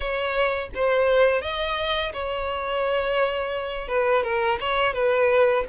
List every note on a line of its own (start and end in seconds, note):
0.00 0.69 C#5
0.74 1.41 C5
1.41 2.12 D#5
2.13 3.88 C#5
3.88 4.23 B4
4.23 4.58 A#4
4.60 4.93 C#5
4.93 5.64 B4